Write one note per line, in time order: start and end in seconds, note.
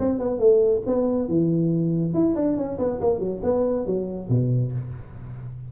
0.00 0.19 C4
0.19 0.40 B3
0.40 0.82 A3
0.87 1.29 B3
1.29 2.14 E3
2.14 2.36 E4
2.36 2.57 D4
2.57 2.79 C#4
2.79 3.01 B3
3.01 3.20 A#3
3.20 3.41 F#3
3.44 3.86 B3
3.86 4.29 F#3
4.30 4.72 B2